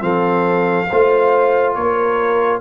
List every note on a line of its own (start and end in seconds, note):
0.00 0.87 F3
0.00 0.86 C4
0.00 0.89 A4
0.00 1.74 F5
0.89 1.76 A3
0.89 2.61 F4
0.89 1.75 C5
1.74 2.61 A#3
1.74 2.61 A#4
1.74 2.60 C#5